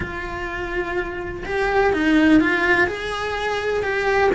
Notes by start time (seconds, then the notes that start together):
0.00 F4
1.45 G4
1.93 D#4
2.40 F4
2.87 G#4
3.82 G4